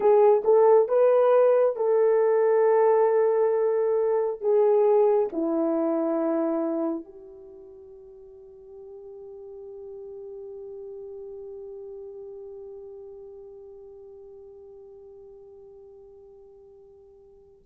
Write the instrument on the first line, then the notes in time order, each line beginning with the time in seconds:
horn
0.00 G#4
0.44 A4
0.88 B4
1.76 A4
4.40 G#4
5.32 E4
7.04 G4